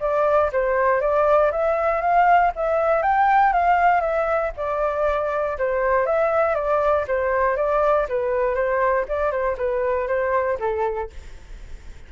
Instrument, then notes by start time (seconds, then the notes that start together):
flute
0.00 D5
0.52 C5
1.01 D5
1.51 E5
2.01 F5
2.55 E5
3.02 G5
3.53 F5
4.01 E5
4.57 D5
5.59 C5
6.06 E5
6.55 D5
7.07 C5
7.56 D5
8.09 B4
8.55 C5
9.08 D5
9.31 C5
9.57 B4
10.07 C5
10.60 A4